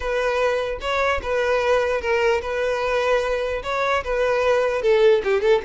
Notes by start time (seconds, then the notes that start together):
0.00 B4
0.80 C#5
1.22 B4
2.01 A#4
2.41 B4
3.63 C#5
4.04 B4
4.81 A4
5.24 G4
5.41 A4